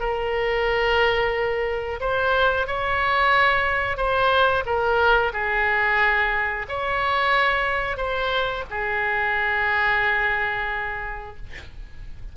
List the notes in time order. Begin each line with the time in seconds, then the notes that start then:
0.00 A#4
2.00 C5
2.67 C#5
3.97 C5
4.66 A#4
5.33 G#4
6.68 C#5
7.97 C5
8.70 G#4